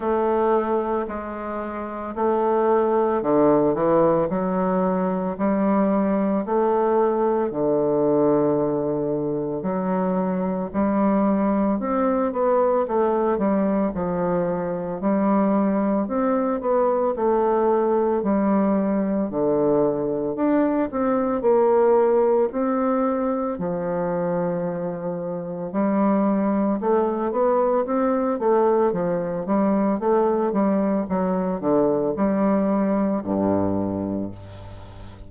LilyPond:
\new Staff \with { instrumentName = "bassoon" } { \time 4/4 \tempo 4 = 56 a4 gis4 a4 d8 e8 | fis4 g4 a4 d4~ | d4 fis4 g4 c'8 b8 | a8 g8 f4 g4 c'8 b8 |
a4 g4 d4 d'8 c'8 | ais4 c'4 f2 | g4 a8 b8 c'8 a8 f8 g8 | a8 g8 fis8 d8 g4 g,4 | }